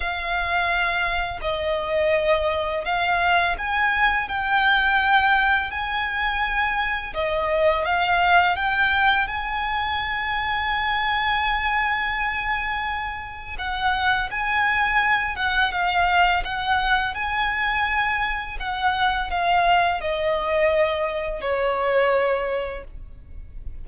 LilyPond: \new Staff \with { instrumentName = "violin" } { \time 4/4 \tempo 4 = 84 f''2 dis''2 | f''4 gis''4 g''2 | gis''2 dis''4 f''4 | g''4 gis''2.~ |
gis''2. fis''4 | gis''4. fis''8 f''4 fis''4 | gis''2 fis''4 f''4 | dis''2 cis''2 | }